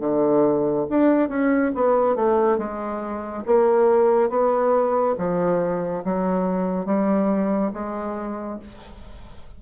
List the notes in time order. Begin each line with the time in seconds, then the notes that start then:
0.00 D3
0.90 D4
1.29 C#4
1.75 B3
2.15 A3
2.58 G#3
3.46 A#3
4.29 B3
5.18 F3
6.04 F#3
6.85 G3
7.73 G#3